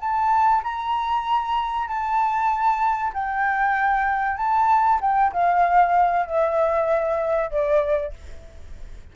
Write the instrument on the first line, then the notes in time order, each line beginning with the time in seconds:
flute
0.00 A5
0.64 A#5
1.88 A5
3.14 G5
4.37 A5
5.01 G5
5.33 F5
6.26 E5
7.51 D5